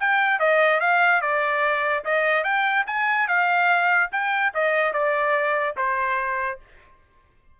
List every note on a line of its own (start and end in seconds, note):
0.00 0.39 G5
0.39 0.81 D#5
0.81 1.21 F5
1.21 2.04 D5
2.05 2.44 D#5
2.44 2.85 G5
2.87 3.28 G#5
3.28 4.10 F5
4.12 4.53 G5
4.54 4.93 D#5
4.93 5.76 D5
5.77 6.59 C5